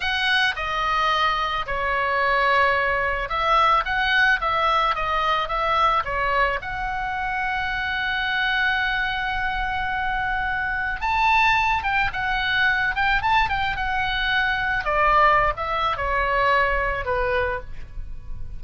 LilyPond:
\new Staff \with { instrumentName = "oboe" } { \time 4/4 \tempo 4 = 109 fis''4 dis''2 cis''4~ | cis''2 e''4 fis''4 | e''4 dis''4 e''4 cis''4 | fis''1~ |
fis''1 | a''4. g''8 fis''4. g''8 | a''8 g''8 fis''2 d''4~ | d''16 e''8. cis''2 b'4 | }